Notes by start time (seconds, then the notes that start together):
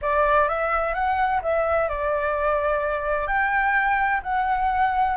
0.01 D5
0.48 E5
0.94 F#5
1.42 E5
1.88 D5
3.27 G5
4.23 F#5